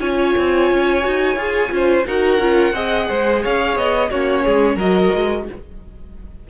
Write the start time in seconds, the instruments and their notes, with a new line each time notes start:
0.00 cello C#4, viola F4, violin C#5 G#5
0.37 cello C4
0.71 cello C#4
1.01 cello D#4, viola F#4
1.36 cello F4, viola G#4
1.69 cello C#4, viola F4, violin C5
2.07 cello D#4, viola F#4, violin A#4 F#5
2.38 cello C#4, viola F4
2.73 cello C4, viola G#4, violin D#5
3.08 cello G#3, violin C5
3.42 cello C#4, violin C#5 F5
3.76 cello B3, violin D#5
4.10 cello A#3, viola C#4, violin F#4 C#5
4.44 cello G#3, violin G#4
4.75 cello F#3, viola F#4, violin A#4 D#5
5.14 cello G#3